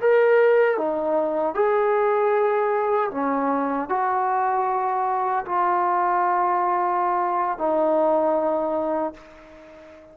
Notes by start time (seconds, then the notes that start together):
0.00 A#4
0.77 D#4
1.54 G#4
3.11 C#4
3.89 F#4
5.45 F4
7.58 D#4